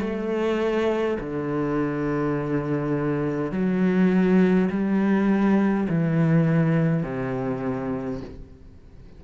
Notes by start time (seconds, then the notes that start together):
0.00 A3
1.20 D3
3.51 F#3
4.70 G3
5.89 E3
7.03 C3